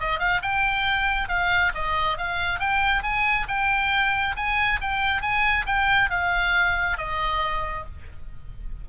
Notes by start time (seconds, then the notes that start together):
0.00 D#5
0.20 F5
0.42 G5
1.29 F5
1.75 D#5
2.18 F5
2.60 G5
3.03 G#5
3.48 G5
4.37 G#5
4.82 G5
5.22 G#5
5.66 G5
6.10 F5
6.98 D#5